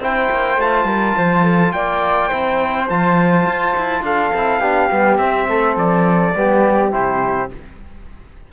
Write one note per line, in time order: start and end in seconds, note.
0.00 0.29 C4
0.00 0.60 E4
0.00 0.87 C5
0.00 0.61 G5
0.31 0.58 A#3
0.58 0.85 A3
0.58 2.31 F4
0.58 1.73 A5
0.85 1.14 G3
0.85 1.16 A#4
1.17 1.73 F3
1.17 1.44 C5
1.44 1.72 A4
1.73 2.31 A#3
1.73 2.28 D5
1.73 2.88 G5
2.28 2.90 C4
2.28 2.89 E4
2.28 4.02 C5
2.90 3.47 F3
2.90 4.34 F4
2.90 4.05 A5
3.47 3.76 F4
3.77 4.02 E4
4.02 4.31 D4
4.02 4.61 A4
4.02 5.18 F5
4.34 4.60 C4
4.34 4.62 E4
4.60 4.89 B3
4.60 4.90 D4
4.60 5.47 G4
4.90 5.18 G3
4.90 5.19 B3
5.18 5.47 C4
5.18 6.34 C4
5.18 5.76 E5
5.48 5.77 A3
5.48 6.36 A4
5.77 6.35 F3
5.77 6.93 D5
6.35 6.93 G3
6.35 6.91 B3
6.35 7.53 G4
6.91 7.51 C3
6.91 7.49 E4
6.91 7.51 C5